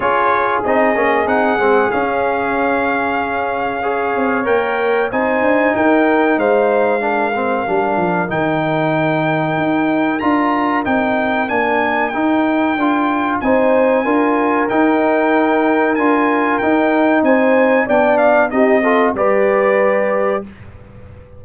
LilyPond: <<
  \new Staff \with { instrumentName = "trumpet" } { \time 4/4 \tempo 4 = 94 cis''4 dis''4 fis''4 f''4~ | f''2. g''4 | gis''4 g''4 f''2~ | f''4 g''2. |
ais''4 g''4 gis''4 g''4~ | g''4 gis''2 g''4~ | g''4 gis''4 g''4 gis''4 | g''8 f''8 dis''4 d''2 | }
  \new Staff \with { instrumentName = "horn" } { \time 4/4 gis'1~ | gis'2 cis''2 | c''4 ais'4 c''4 ais'4~ | ais'1~ |
ais'1~ | ais'4 c''4 ais'2~ | ais'2. c''4 | d''4 g'8 a'8 b'2 | }
  \new Staff \with { instrumentName = "trombone" } { \time 4/4 f'4 dis'8 cis'8 dis'8 c'8 cis'4~ | cis'2 gis'4 ais'4 | dis'2. d'8 c'8 | d'4 dis'2. |
f'4 dis'4 d'4 dis'4 | f'4 dis'4 f'4 dis'4~ | dis'4 f'4 dis'2 | d'4 dis'8 f'8 g'2 | }
  \new Staff \with { instrumentName = "tuba" } { \time 4/4 cis'4 c'8 ais8 c'8 gis8 cis'4~ | cis'2~ cis'8 c'8 ais4 | c'8 d'8 dis'4 gis2 | g8 f8 dis2 dis'4 |
d'4 c'4 ais4 dis'4 | d'4 c'4 d'4 dis'4~ | dis'4 d'4 dis'4 c'4 | b4 c'4 g2 | }
>>